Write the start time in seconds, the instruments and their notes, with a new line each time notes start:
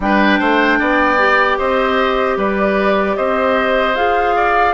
0.00 bassoon G3, clarinet D4, oboe B4, flute G5
0.39 bassoon A3, oboe C5
0.79 bassoon B3, oboe D5
1.18 clarinet G4
1.58 bassoon C4, oboe C5, flute D#5
2.37 bassoon G3, oboe B4, flute D5
3.16 bassoon C4, oboe C5, flute D#5
3.94 bassoon F4, clarinet G#4, flute F5
4.35 oboe D5